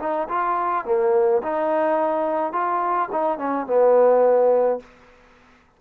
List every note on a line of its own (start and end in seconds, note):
0.00 0.28 D#4
0.29 0.85 F4
0.85 1.42 A#3
1.43 2.53 D#4
2.53 3.10 F4
3.12 3.39 D#4
3.39 3.67 C#4
3.67 4.80 B3